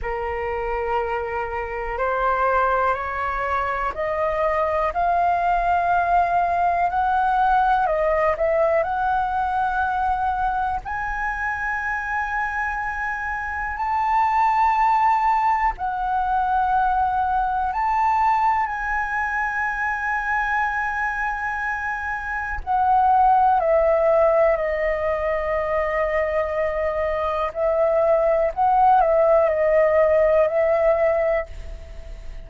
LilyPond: \new Staff \with { instrumentName = "flute" } { \time 4/4 \tempo 4 = 61 ais'2 c''4 cis''4 | dis''4 f''2 fis''4 | dis''8 e''8 fis''2 gis''4~ | gis''2 a''2 |
fis''2 a''4 gis''4~ | gis''2. fis''4 | e''4 dis''2. | e''4 fis''8 e''8 dis''4 e''4 | }